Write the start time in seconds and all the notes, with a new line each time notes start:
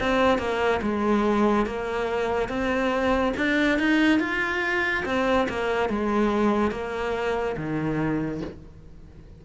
0.00 C4
0.38 A#3
0.82 G#3
1.66 A#3
2.49 C4
3.37 D4
3.79 D#4
4.20 F4
5.06 C4
5.49 A#3
5.89 G#3
6.71 A#3
7.57 D#3